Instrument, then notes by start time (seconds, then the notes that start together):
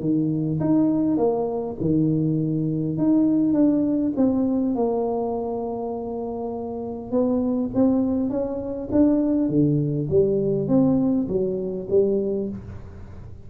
tuba
0.00 D#3
0.60 D#4
1.17 A#3
1.80 D#3
2.98 D#4
3.53 D4
4.16 C4
4.75 A#3
7.11 B3
7.74 C4
8.30 C#4
8.91 D4
9.49 D3
10.10 G3
10.68 C4
11.28 F#3
11.89 G3